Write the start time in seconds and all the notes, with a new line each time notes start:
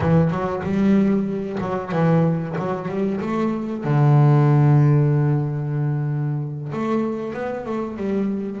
0.00 E3
0.30 F#3
0.63 G3
1.60 F#3
1.91 E3
2.58 F#3
2.88 G3
3.21 A3
3.84 D3
6.71 A3
7.33 B3
7.65 A3
7.96 G3